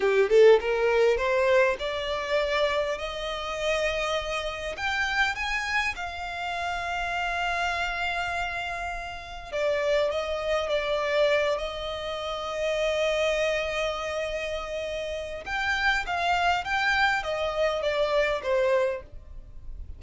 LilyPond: \new Staff \with { instrumentName = "violin" } { \time 4/4 \tempo 4 = 101 g'8 a'8 ais'4 c''4 d''4~ | d''4 dis''2. | g''4 gis''4 f''2~ | f''1 |
d''4 dis''4 d''4. dis''8~ | dis''1~ | dis''2 g''4 f''4 | g''4 dis''4 d''4 c''4 | }